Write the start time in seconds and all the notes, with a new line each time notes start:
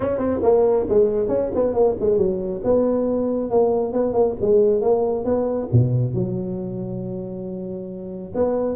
0.00 C#4
0.18 C4
0.42 A#3
0.89 G#3
1.28 C#4
1.54 B3
1.73 A#3
2.00 G#3
2.17 F#3
2.64 B3
3.50 A#3
3.92 B3
4.13 A#3
4.41 G#3
4.81 A#3
5.24 B3
5.72 B2
6.14 F#3
8.35 B3